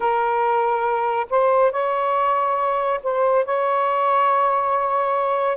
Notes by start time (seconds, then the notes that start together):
0.00 A#4
1.30 C5
1.71 C#5
3.03 C5
3.45 C#5